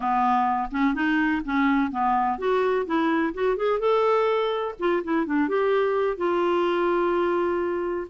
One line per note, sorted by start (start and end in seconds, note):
0.00 0.69 B3
0.71 0.94 C#4
0.94 1.42 D#4
1.44 1.91 C#4
1.91 2.38 B3
2.38 2.85 F#4
2.86 3.33 E4
3.34 3.56 F#4
3.56 3.79 G#4
3.79 4.74 A4
4.79 5.02 F4
5.03 5.26 E4
5.26 5.48 D4
5.48 6.17 G4
6.17 8.07 F4